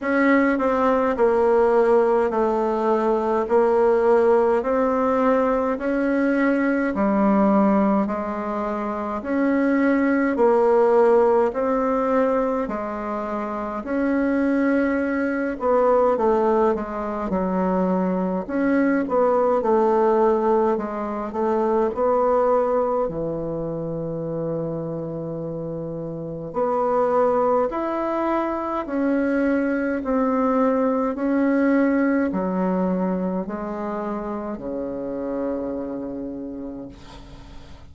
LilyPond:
\new Staff \with { instrumentName = "bassoon" } { \time 4/4 \tempo 4 = 52 cis'8 c'8 ais4 a4 ais4 | c'4 cis'4 g4 gis4 | cis'4 ais4 c'4 gis4 | cis'4. b8 a8 gis8 fis4 |
cis'8 b8 a4 gis8 a8 b4 | e2. b4 | e'4 cis'4 c'4 cis'4 | fis4 gis4 cis2 | }